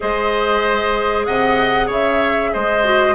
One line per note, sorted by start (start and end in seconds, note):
0.00 1.27 G#3
0.00 2.84 G#4
0.00 1.26 C5
0.00 1.25 D#5
1.25 1.88 C3
1.25 1.86 D#5
1.25 1.88 F#5
1.86 2.51 C#3
1.86 2.50 C#5
1.86 2.53 E5
2.53 3.15 G#3
2.53 3.15 C5
2.53 3.15 D#5
2.84 3.15 F#4